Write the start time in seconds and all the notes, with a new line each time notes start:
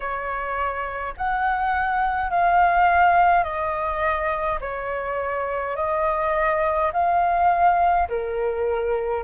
0.00 C#5
1.17 F#5
2.30 F5
3.43 D#5
4.60 C#5
5.76 D#5
6.92 F5
8.08 A#4